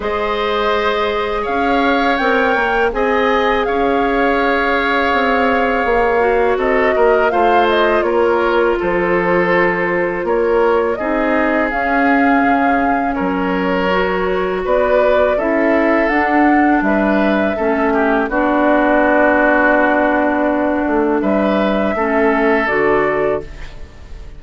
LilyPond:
<<
  \new Staff \with { instrumentName = "flute" } { \time 4/4 \tempo 4 = 82 dis''2 f''4 g''4 | gis''4 f''2.~ | f''4 dis''4 f''8 dis''8 cis''4 | c''2 cis''4 dis''4 |
f''2 cis''2 | d''4 e''4 fis''4 e''4~ | e''4 d''2.~ | d''4 e''2 d''4 | }
  \new Staff \with { instrumentName = "oboe" } { \time 4/4 c''2 cis''2 | dis''4 cis''2.~ | cis''4 a'8 ais'8 c''4 ais'4 | a'2 ais'4 gis'4~ |
gis'2 ais'2 | b'4 a'2 b'4 | a'8 g'8 fis'2.~ | fis'4 b'4 a'2 | }
  \new Staff \with { instrumentName = "clarinet" } { \time 4/4 gis'2. ais'4 | gis'1~ | gis'8 fis'4. f'2~ | f'2. dis'4 |
cis'2. fis'4~ | fis'4 e'4 d'2 | cis'4 d'2.~ | d'2 cis'4 fis'4 | }
  \new Staff \with { instrumentName = "bassoon" } { \time 4/4 gis2 cis'4 c'8 ais8 | c'4 cis'2 c'4 | ais4 c'8 ais8 a4 ais4 | f2 ais4 c'4 |
cis'4 cis4 fis2 | b4 cis'4 d'4 g4 | a4 b2.~ | b8 a8 g4 a4 d4 | }
>>